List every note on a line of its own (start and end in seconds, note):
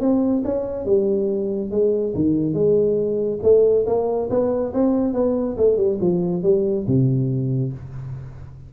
0.00 0.43 C4
0.45 0.86 C#4
0.86 1.71 G3
1.71 2.14 G#3
2.15 2.54 D#3
2.54 3.39 G#3
3.43 3.86 A3
3.86 4.29 A#3
4.30 4.73 B3
4.74 5.14 C4
5.14 5.56 B3
5.57 5.77 A3
5.77 5.98 G3
6.01 6.43 F3
6.43 6.86 G3
6.87 7.73 C3